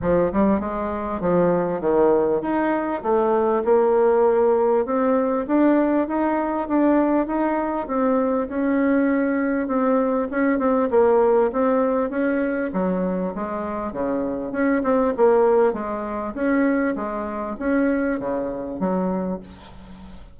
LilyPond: \new Staff \with { instrumentName = "bassoon" } { \time 4/4 \tempo 4 = 99 f8 g8 gis4 f4 dis4 | dis'4 a4 ais2 | c'4 d'4 dis'4 d'4 | dis'4 c'4 cis'2 |
c'4 cis'8 c'8 ais4 c'4 | cis'4 fis4 gis4 cis4 | cis'8 c'8 ais4 gis4 cis'4 | gis4 cis'4 cis4 fis4 | }